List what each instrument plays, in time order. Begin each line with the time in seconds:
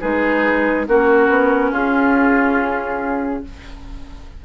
0.00 bassoon G#3, clarinet D#4, oboe G#4, flute B4
0.87 bassoon A#3, clarinet C#4, oboe F#4, flute A#4
1.29 bassoon B3
1.71 bassoon C#4, oboe F4, flute G#4